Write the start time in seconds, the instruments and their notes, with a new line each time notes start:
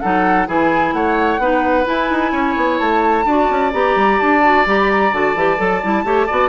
0.00 bassoon F#3, clarinet D#4, oboe A4, flute F#5
0.47 bassoon E3, clarinet E4, oboe G#4, flute G#5
0.93 bassoon A3, oboe C#5, flute F#5
1.38 bassoon B3, clarinet D#4, oboe B4
1.85 clarinet E4, bassoon E4, flute G#5
2.10 bassoon D#4
2.32 bassoon C#4, oboe C#5
2.57 bassoon B3
2.79 bassoon A3, flute A5
3.25 bassoon D4, clarinet F#4, oboe D5
3.50 bassoon C#4
3.73 bassoon B3, clarinet G4, flute A#5
3.96 bassoon G3
4.20 bassoon D4, flute A5
4.43 clarinet F#4
4.66 bassoon G3, clarinet G4, flute A#5
4.79 flute B5
4.91 flute A#5
5.12 bassoon D3, clarinet F#4, flute A5
5.35 bassoon E3, clarinet G4
5.58 bassoon F#3, clarinet A4
5.83 bassoon G3, clarinet E4
6.04 bassoon A3, clarinet G4, oboe C#5
6.27 bassoon B3, clarinet F#4, oboe D5